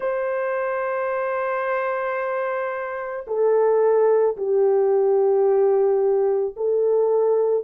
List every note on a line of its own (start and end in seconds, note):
0.00 3.25 C5
3.27 4.36 A4
4.36 6.55 G4
6.56 7.64 A4